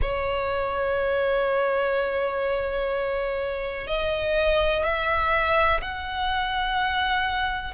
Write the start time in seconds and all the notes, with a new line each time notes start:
0.01 C#5
3.87 D#5
4.84 E5
5.81 F#5